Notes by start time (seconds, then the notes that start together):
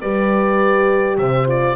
0.00 G3 G4 B4 D5
1.18 C3 C5 E5
1.46 F4 D5